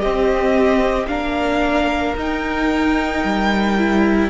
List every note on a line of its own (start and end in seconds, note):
0.00 1.08 C4
0.00 1.07 G4
0.00 1.08 D#5
1.08 2.15 A#3
1.08 2.16 D4
1.08 4.30 A#4
1.08 2.15 F5
2.15 3.23 D#4
2.15 3.78 D#4
2.15 4.30 G5
3.24 4.30 G3
3.78 4.30 E4